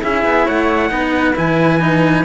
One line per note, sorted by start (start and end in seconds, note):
0.00 0.25 C#4
0.00 0.89 E4
0.00 0.45 G#4
0.00 0.47 E5
0.25 0.47 B3
0.45 0.91 A3
0.45 0.90 C#5
0.45 1.37 F#5
0.89 1.36 B3
0.89 1.34 D#4
0.89 2.25 B4
1.35 2.25 E3
1.35 1.80 E4
1.35 2.25 G#5
1.80 2.25 D#4